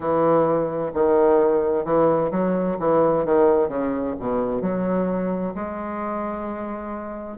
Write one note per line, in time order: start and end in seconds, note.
0.00 0.91 E3
0.93 1.85 D#3
1.85 2.31 E3
2.31 2.77 F#3
2.79 3.25 E3
3.25 3.68 D#3
3.68 4.14 C#3
4.19 4.62 B2
4.62 5.54 F#3
5.54 7.37 G#3